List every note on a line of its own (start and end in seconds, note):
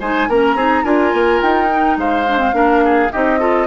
0.00 0.28 G#3
0.00 0.30 D#4
0.00 0.28 C5
0.00 0.30 G#5
0.28 0.55 A#3
0.28 0.58 C#4
0.28 0.56 A#4
0.28 0.85 A#5
0.55 0.83 C4
0.55 0.85 D#4
0.55 0.84 G#4
0.84 1.13 D4
0.84 1.69 F4
0.84 1.97 A#4
0.84 1.41 G#5
1.13 1.41 A#3
1.42 1.97 D#4
1.42 1.98 G5
1.69 2.26 D#4
1.97 2.53 G#3
1.97 2.56 C5
1.97 3.13 F5
2.29 2.38 D4
2.38 2.52 C4
2.53 3.10 A#3
2.53 3.10 D4
2.53 2.84 A#4
2.85 3.12 G#4
3.12 3.68 C4
3.12 3.40 D#4
3.12 3.40 G4
3.12 3.68 D#5
3.40 3.68 F4
3.40 3.68 A4